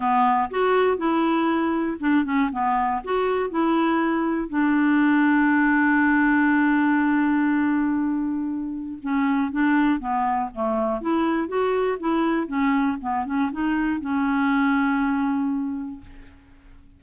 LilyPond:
\new Staff \with { instrumentName = "clarinet" } { \time 4/4 \tempo 4 = 120 b4 fis'4 e'2 | d'8 cis'8 b4 fis'4 e'4~ | e'4 d'2.~ | d'1~ |
d'2 cis'4 d'4 | b4 a4 e'4 fis'4 | e'4 cis'4 b8 cis'8 dis'4 | cis'1 | }